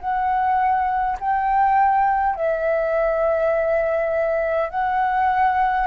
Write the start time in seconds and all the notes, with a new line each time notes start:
0.00 F#5
1.20 G5
2.35 E5
4.70 F#5